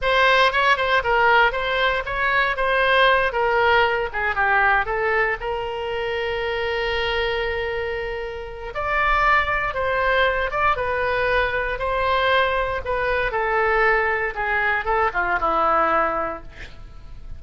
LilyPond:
\new Staff \with { instrumentName = "oboe" } { \time 4/4 \tempo 4 = 117 c''4 cis''8 c''8 ais'4 c''4 | cis''4 c''4. ais'4. | gis'8 g'4 a'4 ais'4.~ | ais'1~ |
ais'4 d''2 c''4~ | c''8 d''8 b'2 c''4~ | c''4 b'4 a'2 | gis'4 a'8 f'8 e'2 | }